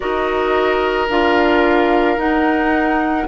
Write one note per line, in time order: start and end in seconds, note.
0.00 1.09 D#4
0.00 1.07 F#4
0.00 3.27 A#4
0.00 1.08 D#5
1.09 2.17 D4
1.09 2.17 F4
1.09 2.19 F5
2.17 3.26 D#4
2.17 3.27 F#5